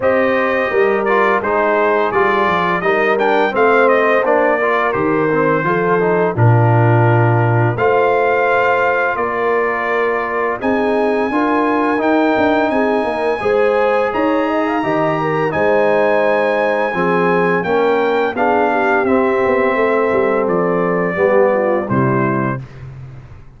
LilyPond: <<
  \new Staff \with { instrumentName = "trumpet" } { \time 4/4 \tempo 4 = 85 dis''4. d''8 c''4 d''4 | dis''8 g''8 f''8 dis''8 d''4 c''4~ | c''4 ais'2 f''4~ | f''4 d''2 gis''4~ |
gis''4 g''4 gis''2 | ais''2 gis''2~ | gis''4 g''4 f''4 e''4~ | e''4 d''2 c''4 | }
  \new Staff \with { instrumentName = "horn" } { \time 4/4 c''4 ais'4 gis'2 | ais'4 c''4. ais'4. | a'4 f'2 c''4~ | c''4 ais'2 gis'4 |
ais'2 gis'8 ais'8 c''4 | cis''8 dis''16 f''16 dis''8 ais'8 c''2 | gis'4 ais'4 gis'8 g'4. | a'2 g'8 f'8 e'4 | }
  \new Staff \with { instrumentName = "trombone" } { \time 4/4 g'4. f'8 dis'4 f'4 | dis'8 d'8 c'4 d'8 f'8 g'8 c'8 | f'8 dis'8 d'2 f'4~ | f'2. dis'4 |
f'4 dis'2 gis'4~ | gis'4 g'4 dis'2 | c'4 cis'4 d'4 c'4~ | c'2 b4 g4 | }
  \new Staff \with { instrumentName = "tuba" } { \time 4/4 c'4 g4 gis4 g8 f8 | g4 a4 ais4 dis4 | f4 ais,2 a4~ | a4 ais2 c'4 |
d'4 dis'8 d'8 c'8 ais8 gis4 | dis'4 dis4 gis2 | f4 ais4 b4 c'8 b8 | a8 g8 f4 g4 c4 | }
>>